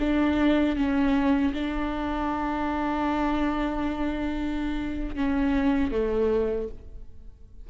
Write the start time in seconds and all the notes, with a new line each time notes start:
0.00 D4
0.76 C#4
1.54 D4
5.16 C#4
5.92 A3